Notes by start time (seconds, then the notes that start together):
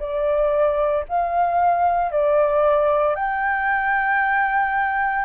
0.00 D5
1.09 F5
2.11 D5
3.16 G5